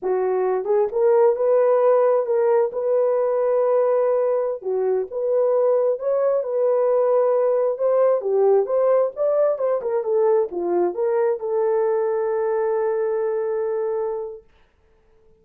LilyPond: \new Staff \with { instrumentName = "horn" } { \time 4/4 \tempo 4 = 133 fis'4. gis'8 ais'4 b'4~ | b'4 ais'4 b'2~ | b'2~ b'16 fis'4 b'8.~ | b'4~ b'16 cis''4 b'4.~ b'16~ |
b'4~ b'16 c''4 g'4 c''8.~ | c''16 d''4 c''8 ais'8 a'4 f'8.~ | f'16 ais'4 a'2~ a'8.~ | a'1 | }